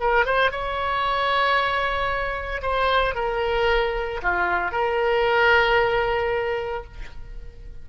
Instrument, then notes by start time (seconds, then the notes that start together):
oboe
0.00 A#4
0.25 C5
0.51 C#5
2.62 C5
3.15 A#4
4.22 F4
4.71 A#4